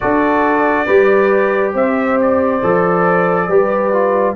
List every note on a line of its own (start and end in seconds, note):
0.00 0.88 D4
0.00 0.87 F#4
0.00 0.86 A4
0.00 1.72 D5
0.86 1.74 G3
0.86 2.61 G4
0.86 1.73 B4
1.73 2.61 C4
1.73 3.47 C5
1.73 2.20 E5
2.21 4.35 D5
2.62 3.48 F3
2.62 3.49 A4
3.48 4.35 G3
3.48 3.93 G4
3.48 4.35 B4
3.93 4.35 F4